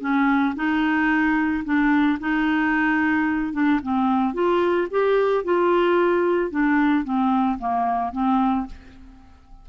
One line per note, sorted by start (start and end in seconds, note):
0.00 0.54 C#4
0.55 1.63 D#4
1.64 2.18 D4
2.19 3.53 D#4
3.53 3.80 D4
3.82 4.33 C4
4.33 4.87 F4
4.90 5.44 G4
5.44 6.51 F4
6.51 7.04 D4
7.04 7.58 C4
7.58 8.12 A#3
8.12 8.66 C4